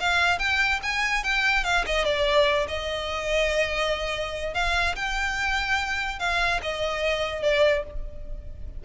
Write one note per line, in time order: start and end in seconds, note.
0.00 0.39 F5
0.39 0.80 G5
0.82 1.23 G#5
1.23 1.64 G5
1.64 1.84 F5
1.86 2.05 D#5
2.05 2.67 D5
2.68 4.54 D#5
4.54 4.95 F5
4.95 6.19 G5
6.19 6.60 F5
6.62 7.42 D#5
7.42 7.83 D5